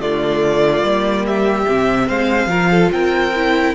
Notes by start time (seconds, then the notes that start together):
0.00 D3 A3 F4 D5
0.82 G3 A#3
1.26 G4 E5
1.68 C3 C4
2.06 G#3 C5 F5
2.47 F3 F4 A#4
2.70 A4
2.92 C4 A#4 G5
3.35 E4